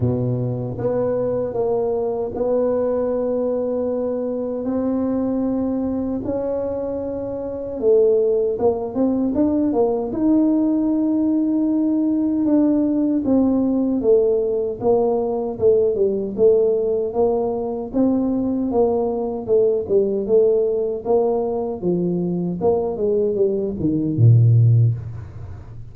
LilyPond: \new Staff \with { instrumentName = "tuba" } { \time 4/4 \tempo 4 = 77 b,4 b4 ais4 b4~ | b2 c'2 | cis'2 a4 ais8 c'8 | d'8 ais8 dis'2. |
d'4 c'4 a4 ais4 | a8 g8 a4 ais4 c'4 | ais4 a8 g8 a4 ais4 | f4 ais8 gis8 g8 dis8 ais,4 | }